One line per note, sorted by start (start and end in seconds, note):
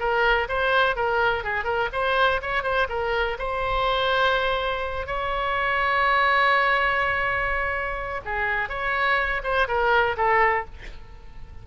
0.00 0.48 A#4
0.49 0.97 C5
0.97 1.44 A#4
1.44 1.65 G#4
1.65 1.89 A#4
1.93 2.41 C5
2.42 2.64 C#5
2.64 2.88 C5
2.90 3.38 A#4
3.39 5.07 C5
5.07 8.21 C#5
8.25 8.70 G#4
8.70 9.42 C#5
9.44 9.68 C5
9.68 10.17 A#4
10.17 10.66 A4